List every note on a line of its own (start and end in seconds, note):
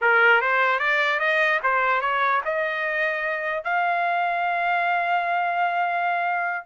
0.01 0.41 A#4
0.41 0.79 C5
0.79 1.19 D5
1.19 1.60 D#5
1.63 2.01 C5
2.01 2.41 C#5
2.45 3.63 D#5
3.63 6.66 F5